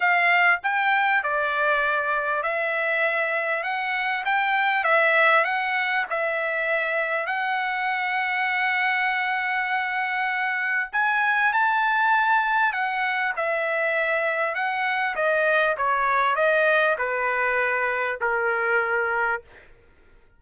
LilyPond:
\new Staff \with { instrumentName = "trumpet" } { \time 4/4 \tempo 4 = 99 f''4 g''4 d''2 | e''2 fis''4 g''4 | e''4 fis''4 e''2 | fis''1~ |
fis''2 gis''4 a''4~ | a''4 fis''4 e''2 | fis''4 dis''4 cis''4 dis''4 | b'2 ais'2 | }